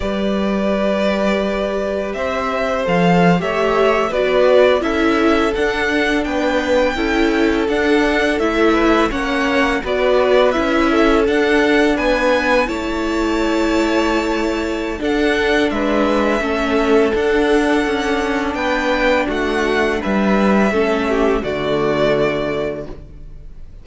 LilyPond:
<<
  \new Staff \with { instrumentName = "violin" } { \time 4/4 \tempo 4 = 84 d''2. e''4 | f''8. e''4 d''4 e''4 fis''16~ | fis''8. g''2 fis''4 e''16~ | e''8. fis''4 d''4 e''4 fis''16~ |
fis''8. gis''4 a''2~ a''16~ | a''4 fis''4 e''2 | fis''2 g''4 fis''4 | e''2 d''2 | }
  \new Staff \with { instrumentName = "violin" } { \time 4/4 b'2. c''4~ | c''8. cis''4 b'4 a'4~ a'16~ | a'8. b'4 a'2~ a'16~ | a'16 b'8 cis''4 b'4. a'8.~ |
a'8. b'4 cis''2~ cis''16~ | cis''4 a'4 b'4 a'4~ | a'2 b'4 fis'4 | b'4 a'8 g'8 fis'2 | }
  \new Staff \with { instrumentName = "viola" } { \time 4/4 g'1 | a'8. g'4 fis'4 e'4 d'16~ | d'4.~ d'16 e'4 d'4 e'16~ | e'8. cis'4 fis'4 e'4 d'16~ |
d'4.~ d'16 e'2~ e'16~ | e'4 d'2 cis'4 | d'1~ | d'4 cis'4 a2 | }
  \new Staff \with { instrumentName = "cello" } { \time 4/4 g2. c'4 | f8. a4 b4 cis'4 d'16~ | d'8. b4 cis'4 d'4 a16~ | a8. ais4 b4 cis'4 d'16~ |
d'8. b4 a2~ a16~ | a4 d'4 gis4 a4 | d'4 cis'4 b4 a4 | g4 a4 d2 | }
>>